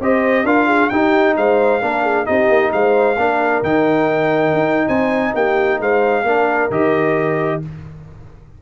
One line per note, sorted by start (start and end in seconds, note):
0.00 0.44 C4
0.00 0.46 G4
0.00 0.45 C5
0.00 0.46 D#5
0.44 0.89 D4
0.44 0.91 F4
0.44 0.67 A#4
0.44 0.89 F5
0.67 0.90 G#4
0.89 1.37 D#4
0.89 1.81 D#4
0.89 1.36 G4
0.89 1.34 G5
1.37 1.82 G#3
1.37 1.82 C5
1.37 2.26 F5
1.81 2.27 A#3
1.81 2.25 D4
1.81 2.03 A#4
2.03 2.25 G#4
2.25 2.49 C4
2.25 3.16 D#4
2.25 2.72 G4
2.25 2.71 D#5
2.49 2.71 A#3
2.72 3.17 G#3
2.72 3.17 C5
2.72 3.63 F5
3.17 3.62 A#3
3.17 3.64 D4
3.17 4.87 A#4
3.63 4.53 D#3
3.63 6.25 D#4
3.63 4.88 G5
4.53 4.87 D#4
4.87 5.34 C4
4.87 5.33 C5
4.87 5.34 G#5
5.34 5.80 A#3
5.34 5.80 G4
5.34 5.81 G5
5.80 6.24 G#3
5.80 6.23 C5
5.80 6.71 F5
6.23 6.69 A#3
6.23 6.71 D4
6.23 7.59 A#4
6.70 7.61 D#3
6.70 7.62 G4
6.70 7.62 D#5